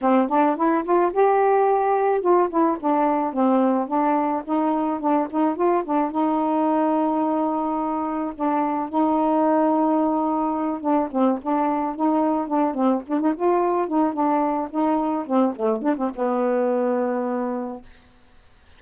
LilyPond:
\new Staff \with { instrumentName = "saxophone" } { \time 4/4 \tempo 4 = 108 c'8 d'8 e'8 f'8 g'2 | f'8 e'8 d'4 c'4 d'4 | dis'4 d'8 dis'8 f'8 d'8 dis'4~ | dis'2. d'4 |
dis'2.~ dis'8 d'8 | c'8 d'4 dis'4 d'8 c'8 d'16 dis'16 | f'4 dis'8 d'4 dis'4 c'8 | a8 d'16 c'16 b2. | }